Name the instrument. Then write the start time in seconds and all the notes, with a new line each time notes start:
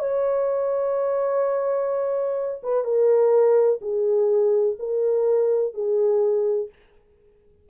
horn
0.00 C#5
2.63 B4
2.85 A#4
3.82 G#4
4.79 A#4
5.74 G#4